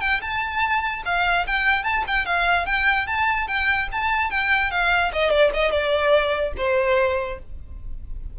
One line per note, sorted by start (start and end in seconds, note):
0.00 0.20 G5
0.21 1.03 A5
1.05 1.46 F5
1.47 1.83 G5
1.83 2.04 A5
2.07 2.25 G5
2.25 2.66 F5
2.66 3.07 G5
3.07 3.47 A5
3.47 3.88 G5
3.92 4.30 A5
4.30 4.71 G5
4.71 5.12 F5
5.12 5.30 D#5
5.30 5.51 D5
5.53 5.71 D#5
5.71 6.53 D5
6.57 7.39 C5